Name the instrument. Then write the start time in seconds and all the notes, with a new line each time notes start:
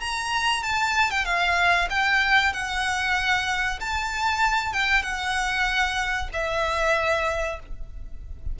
violin
0.00 A#5
0.63 A5
1.10 G5
1.25 F5
1.89 G5
2.53 F#5
3.80 A5
4.73 G5
5.02 F#5
6.33 E5